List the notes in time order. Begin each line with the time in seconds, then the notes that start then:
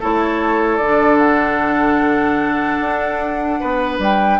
0.00 A3 E4 A4 C#5
0.77 D3 D5
0.84 D4
1.18 F#5
2.80 D4
3.60 B3 B4
3.99 G3 G5